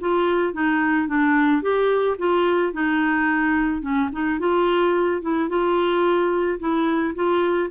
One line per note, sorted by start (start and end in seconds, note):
0.00 0.53 F4
0.53 1.07 D#4
1.07 1.62 D4
1.62 2.17 G4
2.18 2.73 F4
2.73 3.82 D#4
3.82 4.09 C#4
4.12 4.39 D#4
4.39 5.22 F4
5.22 5.48 E4
5.48 6.59 F4
6.59 7.14 E4
7.15 7.70 F4